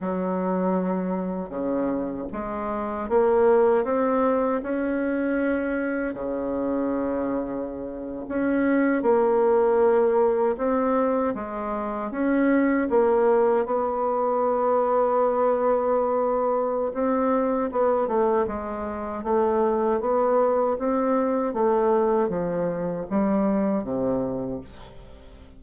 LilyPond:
\new Staff \with { instrumentName = "bassoon" } { \time 4/4 \tempo 4 = 78 fis2 cis4 gis4 | ais4 c'4 cis'2 | cis2~ cis8. cis'4 ais16~ | ais4.~ ais16 c'4 gis4 cis'16~ |
cis'8. ais4 b2~ b16~ | b2 c'4 b8 a8 | gis4 a4 b4 c'4 | a4 f4 g4 c4 | }